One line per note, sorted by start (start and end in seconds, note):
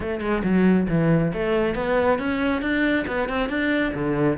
0.00 0.20 A3
0.20 0.42 G#3
0.43 0.87 F#3
0.88 1.32 E3
1.33 1.74 A3
1.74 2.18 B3
2.18 2.61 C#4
2.61 3.05 D4
3.07 3.28 B3
3.28 3.49 C4
3.49 3.93 D4
3.93 4.37 D3